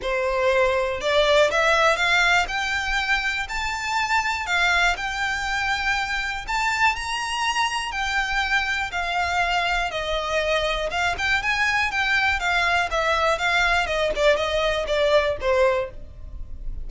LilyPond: \new Staff \with { instrumentName = "violin" } { \time 4/4 \tempo 4 = 121 c''2 d''4 e''4 | f''4 g''2 a''4~ | a''4 f''4 g''2~ | g''4 a''4 ais''2 |
g''2 f''2 | dis''2 f''8 g''8 gis''4 | g''4 f''4 e''4 f''4 | dis''8 d''8 dis''4 d''4 c''4 | }